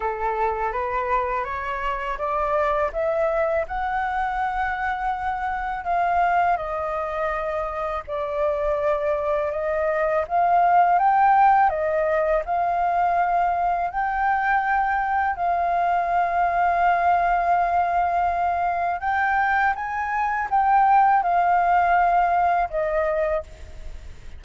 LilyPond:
\new Staff \with { instrumentName = "flute" } { \time 4/4 \tempo 4 = 82 a'4 b'4 cis''4 d''4 | e''4 fis''2. | f''4 dis''2 d''4~ | d''4 dis''4 f''4 g''4 |
dis''4 f''2 g''4~ | g''4 f''2.~ | f''2 g''4 gis''4 | g''4 f''2 dis''4 | }